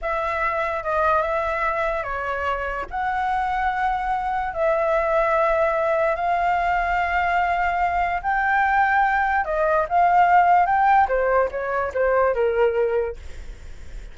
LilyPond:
\new Staff \with { instrumentName = "flute" } { \time 4/4 \tempo 4 = 146 e''2 dis''4 e''4~ | e''4 cis''2 fis''4~ | fis''2. e''4~ | e''2. f''4~ |
f''1 | g''2. dis''4 | f''2 g''4 c''4 | cis''4 c''4 ais'2 | }